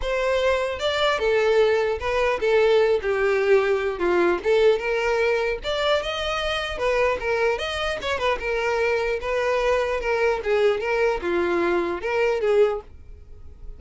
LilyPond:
\new Staff \with { instrumentName = "violin" } { \time 4/4 \tempo 4 = 150 c''2 d''4 a'4~ | a'4 b'4 a'4. g'8~ | g'2 f'4 a'4 | ais'2 d''4 dis''4~ |
dis''4 b'4 ais'4 dis''4 | cis''8 b'8 ais'2 b'4~ | b'4 ais'4 gis'4 ais'4 | f'2 ais'4 gis'4 | }